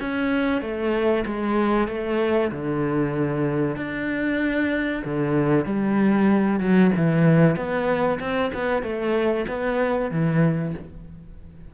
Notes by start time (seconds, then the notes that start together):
0.00 C#4
0.62 A3
1.26 G#3
1.88 A3
2.51 D3
3.76 D4
5.04 D3
5.66 G3
6.60 F#3
6.97 E3
7.56 B3
8.20 C4
8.54 B3
8.83 A3
9.48 B3
10.11 E3